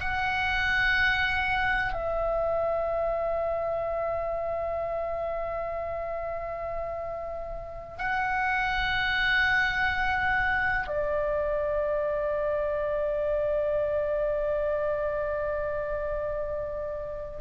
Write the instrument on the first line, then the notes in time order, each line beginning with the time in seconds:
oboe
0.00 F#5
1.93 E5
7.98 F#5
10.87 D5